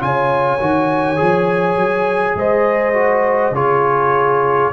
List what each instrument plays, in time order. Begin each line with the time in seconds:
0.00 tuba C#3, trombone F4, horn C#5, trumpet G#5
0.60 tuba D#3, trombone F#4
1.16 tuba F3, trombone G#4
1.76 tuba F#3
2.35 tuba G#3, horn C5, trumpet D#5
2.94 trombone F#4
3.51 tuba C#3, trombone F4, horn G#4, trumpet C#5